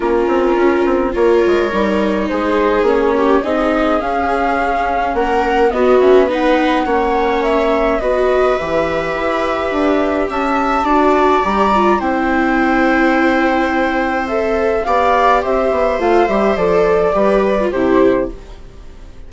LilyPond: <<
  \new Staff \with { instrumentName = "flute" } { \time 4/4 \tempo 4 = 105 ais'2 cis''2 | c''4 cis''4 dis''4 f''4~ | f''4 fis''4 dis''8 e''8 fis''4~ | fis''4 e''4 dis''4 e''4~ |
e''2 a''2 | ais''4 g''2.~ | g''4 e''4 f''4 e''4 | f''8 e''8 d''2 c''4 | }
  \new Staff \with { instrumentName = "viola" } { \time 4/4 f'2 ais'2 | gis'4. g'8 gis'2~ | gis'4 ais'4 fis'4 b'4 | cis''2 b'2~ |
b'2 e''4 d''4~ | d''4 c''2.~ | c''2 d''4 c''4~ | c''2 b'4 g'4 | }
  \new Staff \with { instrumentName = "viola" } { \time 4/4 cis'2 f'4 dis'4~ | dis'4 cis'4 dis'4 cis'4~ | cis'2 b8 cis'8 dis'4 | cis'2 fis'4 g'4~ |
g'2. fis'4 | g'8 f'8 e'2.~ | e'4 a'4 g'2 | f'8 g'8 a'4 g'8. f'16 e'4 | }
  \new Staff \with { instrumentName = "bassoon" } { \time 4/4 ais8 c'8 cis'8 c'8 ais8 gis8 g4 | gis4 ais4 c'4 cis'4~ | cis'4 ais4 b2 | ais2 b4 e4 |
e'4 d'4 cis'4 d'4 | g4 c'2.~ | c'2 b4 c'8 b8 | a8 g8 f4 g4 c4 | }
>>